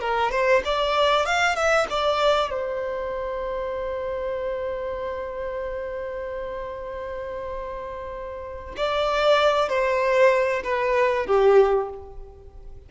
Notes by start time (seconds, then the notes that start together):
0.00 A#4
0.31 C5
0.65 D5
1.26 F5
1.55 E5
1.90 D5
2.50 C5
8.77 D5
9.69 C5
10.64 B4
11.26 G4